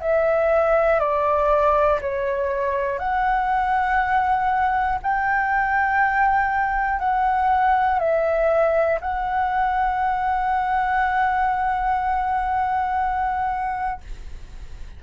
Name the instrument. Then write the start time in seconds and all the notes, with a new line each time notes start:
flute
0.00 E5
0.99 D5
2.01 C#5
2.99 F#5
5.02 G5
6.99 F#5
7.99 E5
9.00 F#5